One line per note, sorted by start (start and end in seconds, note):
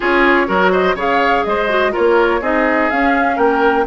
0.00 0.48 C#4
0.00 0.47 F4
0.00 0.46 G#4
0.00 0.72 C#5
0.47 0.94 F#3
0.47 0.96 F#4
0.47 0.71 A#4
0.71 0.95 C5
0.71 0.96 D#5
0.94 1.43 C#3
0.94 1.69 G#4
0.94 1.44 C#5
0.94 1.44 F5
1.44 1.94 G#3
1.44 1.92 C5
1.44 1.93 D#5
1.69 1.92 F#4
1.92 2.40 F4
1.92 2.40 A#4
1.92 2.43 C#5
1.98 2.41 A#3
2.41 2.89 C4
2.41 2.91 D#4
2.41 3.36 G#4
2.41 2.90 D#5
2.90 3.37 C#4
2.90 3.86 C#4
2.90 3.38 F5
3.36 3.86 A#3
3.36 3.84 A#4
3.36 3.86 G5